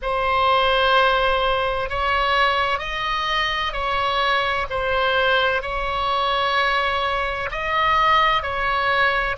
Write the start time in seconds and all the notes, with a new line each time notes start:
0.02 C5
1.89 C#5
2.79 D#5
3.72 C#5
4.70 C5
5.62 C#5
7.51 D#5
8.42 C#5